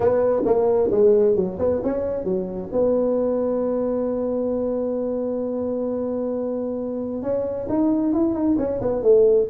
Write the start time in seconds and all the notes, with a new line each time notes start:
0.00 B3
0.45 A#3
0.91 G#3
1.35 F#3
1.59 B3
1.83 C#4
2.24 F#3
2.71 B3
7.22 C#4
7.69 D#4
8.13 E4
8.34 D#4
8.58 C#4
8.81 B3
9.02 A3